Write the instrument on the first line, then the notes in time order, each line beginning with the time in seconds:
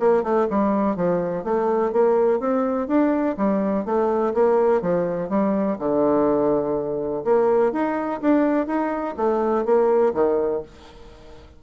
bassoon
0.00 A#3
0.24 A3
0.50 G3
0.97 F3
1.44 A3
1.93 A#3
2.40 C4
2.88 D4
3.37 G3
3.86 A3
4.34 A#3
4.82 F3
5.30 G3
5.79 D3
7.25 A#3
7.73 D#4
8.22 D4
8.67 D#4
9.17 A3
9.65 A#3
10.15 D#3